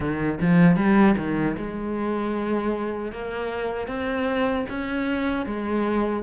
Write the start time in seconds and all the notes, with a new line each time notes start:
0.00 D#3
0.41 F3
0.76 G3
1.17 D#3
1.57 G#3
3.12 A#3
3.87 C4
4.69 C#4
5.45 G#3